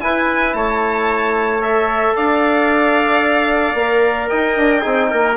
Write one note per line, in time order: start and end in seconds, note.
0.00 1.61 E4
0.00 0.53 E4
0.00 0.56 B4
0.00 0.53 G#5
0.53 2.14 A3
0.53 2.15 C#5
0.53 1.60 A5
1.61 3.75 A4
1.61 2.16 E5
2.15 3.74 D4
2.15 4.29 D5
2.15 4.28 F5
3.74 4.28 A#3
3.74 4.82 A#4
4.28 4.56 D#4
4.28 4.81 D#5
4.28 5.36 G5
4.56 4.83 D4
4.81 5.12 C4
4.81 5.35 D#4
4.81 5.08 G#4
5.10 5.37 A#3
5.10 5.37 A#4